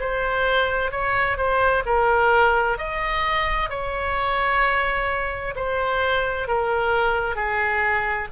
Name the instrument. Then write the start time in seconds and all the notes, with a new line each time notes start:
oboe
0.00 C5
0.91 C#5
1.37 C5
1.85 A#4
2.78 D#5
3.70 C#5
5.56 C5
6.47 A#4
7.35 G#4